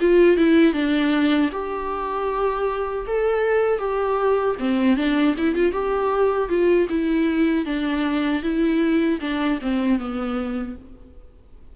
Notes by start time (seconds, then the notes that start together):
0.00 F4
0.37 E4
0.73 D4
1.52 G4
3.07 A4
3.79 G4
4.59 C4
4.96 D4
5.37 E4
5.55 F4
5.72 G4
6.49 F4
6.90 E4
7.65 D4
8.42 E4
9.21 D4
9.61 C4
9.99 B3